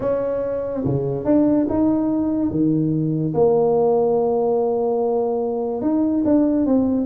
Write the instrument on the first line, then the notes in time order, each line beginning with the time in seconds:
tuba
0.00 C#4
0.84 C#3
1.25 D4
1.69 D#4
2.50 D#3
3.34 A#3
5.81 D#4
6.25 D4
6.66 C4